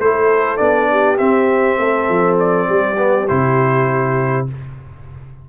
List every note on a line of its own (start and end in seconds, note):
0.00 0.59 A3
0.00 0.58 E4
0.00 0.91 A4
0.00 0.58 C5
0.58 1.20 B3
0.58 1.18 D4
0.58 1.17 D5
0.91 1.79 G4
1.18 2.96 C4
1.18 1.79 C4
1.18 2.37 E5
1.79 2.09 A3
1.79 2.68 A4
2.10 2.69 F3
2.40 3.28 D5
2.69 3.29 G3
2.69 4.48 G4
2.98 3.27 B3
3.28 4.50 C3
3.28 4.48 E4
3.28 4.47 C5